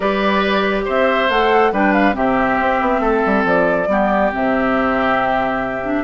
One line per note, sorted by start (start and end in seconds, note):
0.00 0.86 G3
0.00 1.29 G4
0.00 0.84 B4
0.00 0.83 D5
0.85 1.29 C4
0.85 1.71 C5
0.85 1.29 E5
1.29 1.72 A3
1.29 1.73 A4
1.29 1.73 F#5
1.72 2.15 G3
1.72 2.12 D4
1.72 2.15 B4
1.72 1.93 G5
1.93 2.14 F5
2.12 2.59 C3
2.12 3.85 C4
2.12 3.01 G4
2.12 3.45 E5
2.59 2.80 C4
2.80 2.99 B3
2.99 3.21 A3
2.99 3.87 A4
3.26 3.44 G3
3.44 3.87 F3
3.44 4.32 D5
3.87 4.30 G3
3.87 4.32 B3
3.87 6.04 G4
4.32 6.04 C3
4.32 5.83 C4
4.32 6.04 E5
5.83 6.04 D4